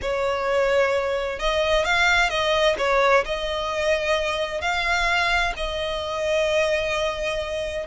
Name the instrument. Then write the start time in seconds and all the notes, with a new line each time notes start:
violin
0.01 C#5
1.39 D#5
1.84 F5
2.29 D#5
2.78 C#5
3.25 D#5
4.61 F5
5.56 D#5